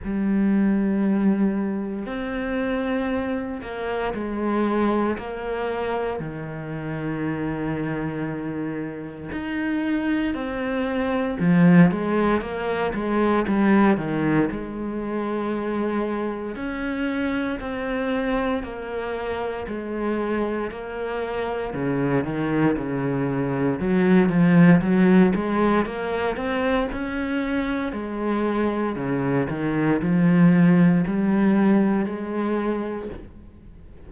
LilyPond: \new Staff \with { instrumentName = "cello" } { \time 4/4 \tempo 4 = 58 g2 c'4. ais8 | gis4 ais4 dis2~ | dis4 dis'4 c'4 f8 gis8 | ais8 gis8 g8 dis8 gis2 |
cis'4 c'4 ais4 gis4 | ais4 cis8 dis8 cis4 fis8 f8 | fis8 gis8 ais8 c'8 cis'4 gis4 | cis8 dis8 f4 g4 gis4 | }